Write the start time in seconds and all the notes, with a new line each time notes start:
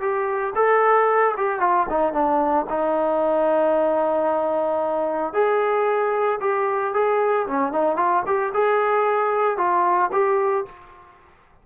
0.00 G4
0.55 A4
1.36 G4
1.60 F4
1.89 D#4
2.12 D4
2.69 D#4
5.33 G#4
6.40 G4
6.93 G#4
7.47 C#4
7.72 D#4
7.96 F4
8.26 G4
8.53 G#4
9.57 F4
10.12 G4